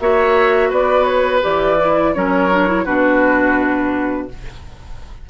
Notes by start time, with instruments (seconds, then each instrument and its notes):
0.00 bassoon A#3, clarinet F#4, oboe C#5, flute E5
0.69 bassoon B3, oboe B4, flute D5
1.04 flute C#5
1.41 bassoon E3, clarinet G4, flute D5
1.80 clarinet E4
2.14 bassoon F#3, clarinet C#4, oboe A#4, flute C#5
2.51 clarinet D4
2.67 clarinet E4
2.85 bassoon B2, clarinet D4, oboe F#4, flute B4